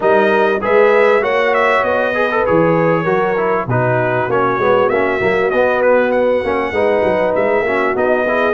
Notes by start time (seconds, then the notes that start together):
0.00 G3 D#4 A#4 D#5
0.61 G#3 G#4 B4 E5
1.21 A#3 F#4 C#5 F#5
1.54 E5
1.82 B3 D#5
2.14 G#4 B4
2.31 A4
2.46 E3 G#4 C#5
3.03 F#3 F#4 A#4
3.37 E4
3.66 B2 D#4 F#4 B4
4.28 A#3 C#4 C#5
4.58 G#3 B3
4.89 A#3 C#4 E5
5.20 F#3 A#3
5.50 B3 D#5
5.82 B4
6.11 F#5
6.43 A#3 C#4
6.71 G#3 D#4 B4
7.03 F#3
7.35 G#3 E5
7.61 A#3 C#4 F#4
7.95 B3 D#4 D#5
8.28 E4 G#4